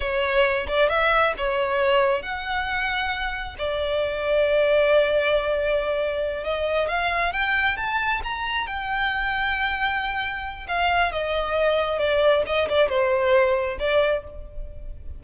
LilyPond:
\new Staff \with { instrumentName = "violin" } { \time 4/4 \tempo 4 = 135 cis''4. d''8 e''4 cis''4~ | cis''4 fis''2. | d''1~ | d''2~ d''8 dis''4 f''8~ |
f''8 g''4 a''4 ais''4 g''8~ | g''1 | f''4 dis''2 d''4 | dis''8 d''8 c''2 d''4 | }